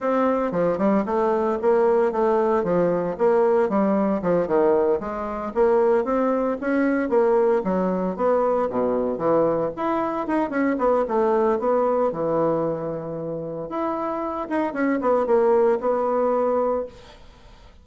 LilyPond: \new Staff \with { instrumentName = "bassoon" } { \time 4/4 \tempo 4 = 114 c'4 f8 g8 a4 ais4 | a4 f4 ais4 g4 | f8 dis4 gis4 ais4 c'8~ | c'8 cis'4 ais4 fis4 b8~ |
b8 b,4 e4 e'4 dis'8 | cis'8 b8 a4 b4 e4~ | e2 e'4. dis'8 | cis'8 b8 ais4 b2 | }